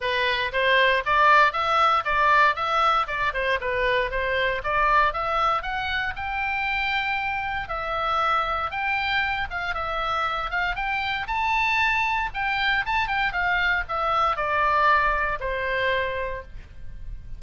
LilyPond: \new Staff \with { instrumentName = "oboe" } { \time 4/4 \tempo 4 = 117 b'4 c''4 d''4 e''4 | d''4 e''4 d''8 c''8 b'4 | c''4 d''4 e''4 fis''4 | g''2. e''4~ |
e''4 g''4. f''8 e''4~ | e''8 f''8 g''4 a''2 | g''4 a''8 g''8 f''4 e''4 | d''2 c''2 | }